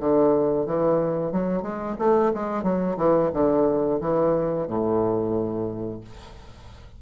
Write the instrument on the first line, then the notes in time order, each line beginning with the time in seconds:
bassoon
0.00 D3
0.66 E3
1.32 F#3
1.63 G#3
1.99 A3
2.34 G#3
2.63 F#3
2.97 E3
3.34 D3
4.01 E3
4.68 A2